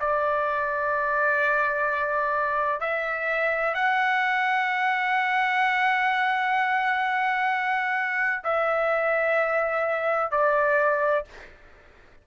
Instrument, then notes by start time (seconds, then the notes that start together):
trumpet
0.00 D5
2.81 E5
3.75 F#5
8.44 E5
10.31 D5